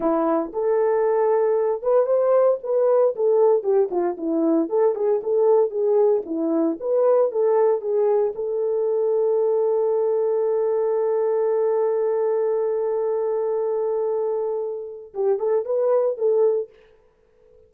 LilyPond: \new Staff \with { instrumentName = "horn" } { \time 4/4 \tempo 4 = 115 e'4 a'2~ a'8 b'8 | c''4 b'4 a'4 g'8 f'8 | e'4 a'8 gis'8 a'4 gis'4 | e'4 b'4 a'4 gis'4 |
a'1~ | a'1~ | a'1~ | a'4 g'8 a'8 b'4 a'4 | }